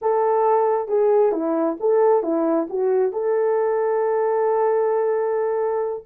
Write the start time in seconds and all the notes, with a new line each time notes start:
0.01 A4
0.88 G#4
1.32 E4
1.80 A4
2.22 E4
2.69 F#4
3.12 A4